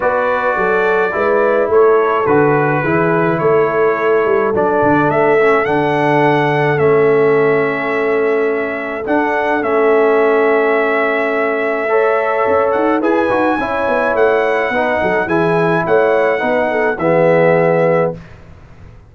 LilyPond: <<
  \new Staff \with { instrumentName = "trumpet" } { \time 4/4 \tempo 4 = 106 d''2. cis''4 | b'2 cis''2 | d''4 e''4 fis''2 | e''1 |
fis''4 e''2.~ | e''2~ e''8 fis''8 gis''4~ | gis''4 fis''2 gis''4 | fis''2 e''2 | }
  \new Staff \with { instrumentName = "horn" } { \time 4/4 b'4 a'4 b'4 a'4~ | a'4 gis'4 a'2~ | a'1~ | a'1~ |
a'1~ | a'4 cis''2 b'4 | cis''2 b'8 a'8 gis'4 | cis''4 b'8 a'8 gis'2 | }
  \new Staff \with { instrumentName = "trombone" } { \time 4/4 fis'2 e'2 | fis'4 e'2. | d'4. cis'8 d'2 | cis'1 |
d'4 cis'2.~ | cis'4 a'2 gis'8 fis'8 | e'2 dis'4 e'4~ | e'4 dis'4 b2 | }
  \new Staff \with { instrumentName = "tuba" } { \time 4/4 b4 fis4 gis4 a4 | d4 e4 a4. g8 | fis8 d8 a4 d2 | a1 |
d'4 a2.~ | a2 cis'8 dis'8 e'8 dis'8 | cis'8 b8 a4 b8 fis8 e4 | a4 b4 e2 | }
>>